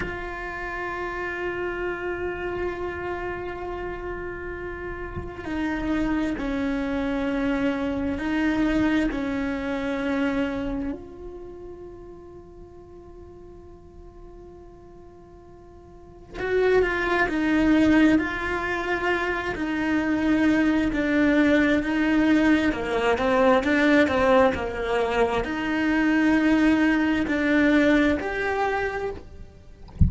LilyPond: \new Staff \with { instrumentName = "cello" } { \time 4/4 \tempo 4 = 66 f'1~ | f'2 dis'4 cis'4~ | cis'4 dis'4 cis'2 | f'1~ |
f'2 fis'8 f'8 dis'4 | f'4. dis'4. d'4 | dis'4 ais8 c'8 d'8 c'8 ais4 | dis'2 d'4 g'4 | }